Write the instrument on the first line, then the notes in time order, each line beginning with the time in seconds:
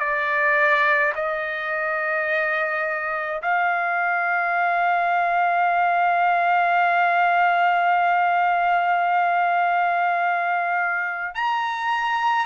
trumpet
0.00 D5
1.15 D#5
3.42 F5
11.35 A#5